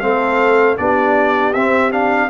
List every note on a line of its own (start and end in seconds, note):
0.00 0.78 A3
0.00 0.77 C4
0.00 0.79 A4
0.00 0.76 F5
0.77 1.54 B3
0.77 1.53 D4
0.77 2.30 G4
0.77 1.53 D5
1.53 2.30 C4
1.53 1.91 C4
1.53 1.91 E5
1.91 2.29 D4
1.91 2.30 F5